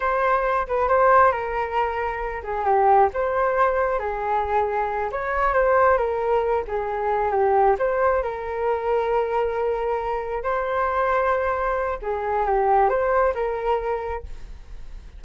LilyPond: \new Staff \with { instrumentName = "flute" } { \time 4/4 \tempo 4 = 135 c''4. b'8 c''4 ais'4~ | ais'4. gis'8 g'4 c''4~ | c''4 gis'2~ gis'8 cis''8~ | cis''8 c''4 ais'4. gis'4~ |
gis'8 g'4 c''4 ais'4.~ | ais'2.~ ais'8 c''8~ | c''2. gis'4 | g'4 c''4 ais'2 | }